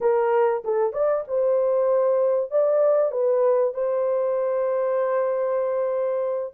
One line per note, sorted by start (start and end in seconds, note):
0.00 0.63 A#4
0.64 0.92 A4
0.92 1.24 D5
1.27 2.51 C5
2.51 3.11 D5
3.11 3.73 B4
3.73 6.54 C5